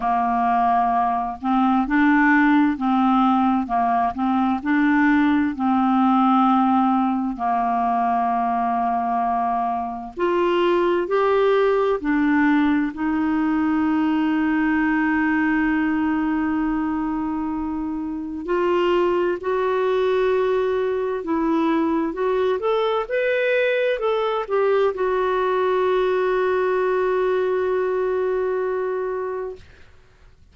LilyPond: \new Staff \with { instrumentName = "clarinet" } { \time 4/4 \tempo 4 = 65 ais4. c'8 d'4 c'4 | ais8 c'8 d'4 c'2 | ais2. f'4 | g'4 d'4 dis'2~ |
dis'1 | f'4 fis'2 e'4 | fis'8 a'8 b'4 a'8 g'8 fis'4~ | fis'1 | }